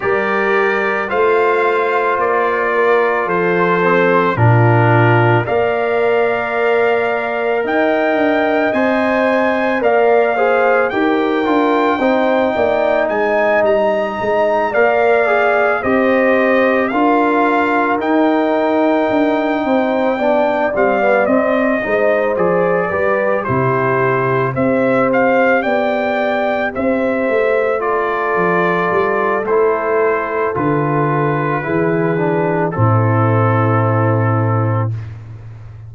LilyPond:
<<
  \new Staff \with { instrumentName = "trumpet" } { \time 4/4 \tempo 4 = 55 d''4 f''4 d''4 c''4 | ais'4 f''2 g''4 | gis''4 f''4 g''2 | gis''8 ais''4 f''4 dis''4 f''8~ |
f''8 g''2~ g''8 f''8 dis''8~ | dis''8 d''4 c''4 e''8 f''8 g''8~ | g''8 e''4 d''4. c''4 | b'2 a'2 | }
  \new Staff \with { instrumentName = "horn" } { \time 4/4 ais'4 c''4. ais'8 a'4 | f'4 d''2 dis''4~ | dis''4 d''8 c''8 ais'4 c''8 d''8 | dis''4. d''4 c''4 ais'8~ |
ais'2 c''8 d''4. | c''4 b'8 g'4 c''4 d''8~ | d''8 c''4 a'2~ a'8~ | a'4 gis'4 e'2 | }
  \new Staff \with { instrumentName = "trombone" } { \time 4/4 g'4 f'2~ f'8 c'8 | d'4 ais'2. | c''4 ais'8 gis'8 g'8 f'8 dis'4~ | dis'4. ais'8 gis'8 g'4 f'8~ |
f'8 dis'2 d'8 c'16 b16 c'8 | dis'8 gis'8 g'8 e'4 g'4.~ | g'4. f'4. e'4 | f'4 e'8 d'8 c'2 | }
  \new Staff \with { instrumentName = "tuba" } { \time 4/4 g4 a4 ais4 f4 | ais,4 ais2 dis'8 d'8 | c'4 ais4 dis'8 d'8 c'8 ais8 | gis8 g8 gis8 ais4 c'4 d'8~ |
d'8 dis'4 d'8 c'8 b8 g8 c'8 | gis8 f8 g8 c4 c'4 b8~ | b8 c'8 a4 f8 g8 a4 | d4 e4 a,2 | }
>>